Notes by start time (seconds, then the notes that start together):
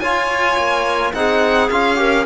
0.00 F4 C#5 G#5
0.57 A#3
1.14 C4 D#4 G#4 F#5
1.70 C#4 F4 F5
1.96 G4 A#4